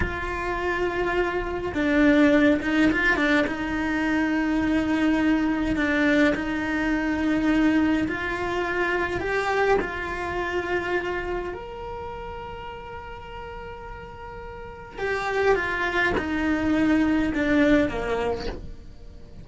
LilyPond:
\new Staff \with { instrumentName = "cello" } { \time 4/4 \tempo 4 = 104 f'2. d'4~ | d'8 dis'8 f'8 d'8 dis'2~ | dis'2 d'4 dis'4~ | dis'2 f'2 |
g'4 f'2. | ais'1~ | ais'2 g'4 f'4 | dis'2 d'4 ais4 | }